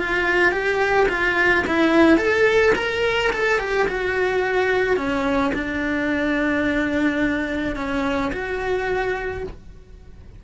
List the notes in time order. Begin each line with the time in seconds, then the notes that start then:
0.00 F4
0.52 G4
1.09 F4
1.67 E4
2.18 A4
2.76 A#4
3.33 A4
3.60 G4
3.88 F#4
4.97 C#4
5.55 D4
7.76 C#4
8.33 F#4